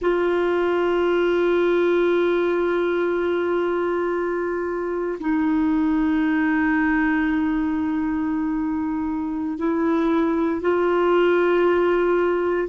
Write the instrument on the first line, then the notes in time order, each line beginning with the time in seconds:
clarinet
0.01 F4
5.20 D#4
9.58 E4
10.61 F4